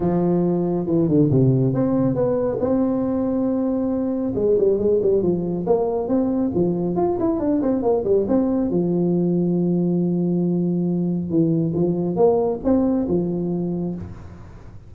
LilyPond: \new Staff \with { instrumentName = "tuba" } { \time 4/4 \tempo 4 = 138 f2 e8 d8 c4 | c'4 b4 c'2~ | c'2 gis8 g8 gis8 g8 | f4 ais4 c'4 f4 |
f'8 e'8 d'8 c'8 ais8 g8 c'4 | f1~ | f2 e4 f4 | ais4 c'4 f2 | }